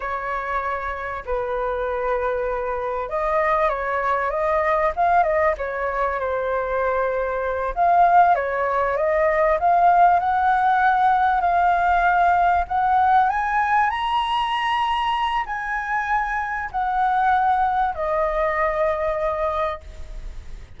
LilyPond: \new Staff \with { instrumentName = "flute" } { \time 4/4 \tempo 4 = 97 cis''2 b'2~ | b'4 dis''4 cis''4 dis''4 | f''8 dis''8 cis''4 c''2~ | c''8 f''4 cis''4 dis''4 f''8~ |
f''8 fis''2 f''4.~ | f''8 fis''4 gis''4 ais''4.~ | ais''4 gis''2 fis''4~ | fis''4 dis''2. | }